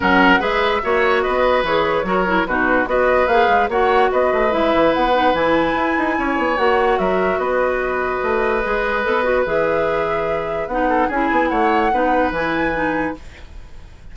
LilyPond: <<
  \new Staff \with { instrumentName = "flute" } { \time 4/4 \tempo 4 = 146 fis''4 e''2 dis''4 | cis''2 b'4 dis''4 | f''4 fis''4 dis''4 e''4 | fis''4 gis''2. |
fis''4 e''4 dis''2~ | dis''2. e''4~ | e''2 fis''4 gis''4 | fis''2 gis''2 | }
  \new Staff \with { instrumentName = "oboe" } { \time 4/4 ais'4 b'4 cis''4 b'4~ | b'4 ais'4 fis'4 b'4~ | b'4 cis''4 b'2~ | b'2. cis''4~ |
cis''4 ais'4 b'2~ | b'1~ | b'2~ b'8 a'8 gis'4 | cis''4 b'2. | }
  \new Staff \with { instrumentName = "clarinet" } { \time 4/4 cis'4 gis'4 fis'2 | gis'4 fis'8 e'8 dis'4 fis'4 | gis'4 fis'2 e'4~ | e'8 dis'8 e'2. |
fis'1~ | fis'4 gis'4 a'8 fis'8 gis'4~ | gis'2 dis'4 e'4~ | e'4 dis'4 e'4 dis'4 | }
  \new Staff \with { instrumentName = "bassoon" } { \time 4/4 fis4 gis4 ais4 b4 | e4 fis4 b,4 b4 | ais8 gis8 ais4 b8 a8 gis8 e8 | b4 e4 e'8 dis'8 cis'8 b8 |
ais4 fis4 b2 | a4 gis4 b4 e4~ | e2 b4 cis'8 b8 | a4 b4 e2 | }
>>